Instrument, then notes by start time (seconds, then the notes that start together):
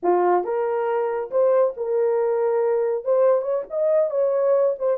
horn
0.02 F4
0.44 A#4
1.30 C5
1.76 A#4
3.04 C5
3.41 C#5
3.70 D#5
4.10 C#5
4.78 C5